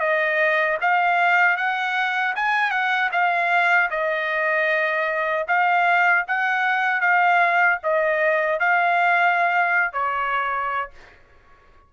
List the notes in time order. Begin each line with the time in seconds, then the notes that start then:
0.00 D#5
0.81 F5
1.57 F#5
2.36 G#5
2.71 F#5
3.12 F5
3.91 D#5
5.48 F5
6.28 F#5
7.01 F5
7.83 D#5
8.60 F5
9.93 C#5